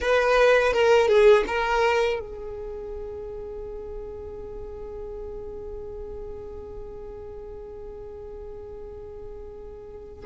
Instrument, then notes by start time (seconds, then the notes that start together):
violin
0.00 B4
0.73 A#4
1.07 G#4
1.47 A#4
2.20 G#4